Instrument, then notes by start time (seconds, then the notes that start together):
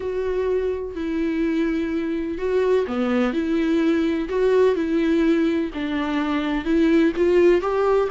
viola
0.00 F#4
0.95 E4
2.37 F#4
2.87 B3
3.33 E4
4.29 F#4
4.75 E4
5.74 D4
6.64 E4
7.16 F4
7.61 G4